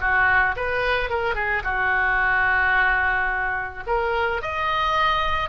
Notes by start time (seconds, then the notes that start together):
0.00 F#4
0.56 B4
1.09 A#4
1.35 G#4
1.63 F#4
3.86 A#4
4.41 D#5